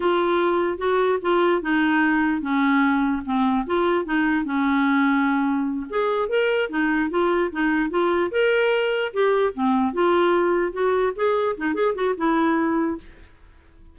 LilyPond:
\new Staff \with { instrumentName = "clarinet" } { \time 4/4 \tempo 4 = 148 f'2 fis'4 f'4 | dis'2 cis'2 | c'4 f'4 dis'4 cis'4~ | cis'2~ cis'8 gis'4 ais'8~ |
ais'8 dis'4 f'4 dis'4 f'8~ | f'8 ais'2 g'4 c'8~ | c'8 f'2 fis'4 gis'8~ | gis'8 dis'8 gis'8 fis'8 e'2 | }